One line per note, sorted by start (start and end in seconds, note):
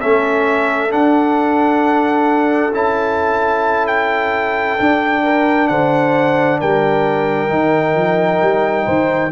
0.00 0.93 A3
0.00 0.89 C#4
0.00 5.23 A4
0.00 0.91 E5
0.89 2.71 D4
0.89 2.73 D4
0.89 2.74 F#5
2.73 4.78 C#4
2.73 4.78 E4
2.73 3.87 A5
3.87 5.68 G5
4.79 7.48 D4
4.79 5.69 D4
5.23 5.69 A#4
5.68 6.60 D3
5.68 6.60 C5
5.68 6.59 F#5
6.60 7.49 G3
6.60 8.85 A#4
6.60 9.32 G5
7.48 7.95 D#3
7.48 9.30 D#4
7.95 8.40 F3
8.42 8.87 G3
8.85 9.32 D#3
8.85 9.31 C5